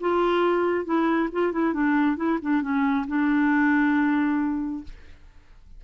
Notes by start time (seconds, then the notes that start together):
0.00 F4
0.85 E4
1.32 F4
1.52 E4
1.73 D4
2.17 E4
2.42 D4
2.62 C#4
3.07 D4